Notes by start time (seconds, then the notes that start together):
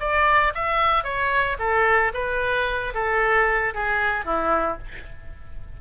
0.00 D5
0.55 E5
1.04 C#5
1.59 A4
2.14 B4
2.94 A4
3.74 G#4
4.25 E4